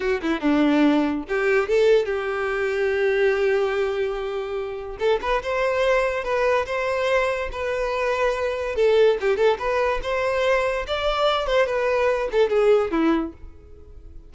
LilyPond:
\new Staff \with { instrumentName = "violin" } { \time 4/4 \tempo 4 = 144 fis'8 e'8 d'2 g'4 | a'4 g'2.~ | g'1 | a'8 b'8 c''2 b'4 |
c''2 b'2~ | b'4 a'4 g'8 a'8 b'4 | c''2 d''4. c''8 | b'4. a'8 gis'4 e'4 | }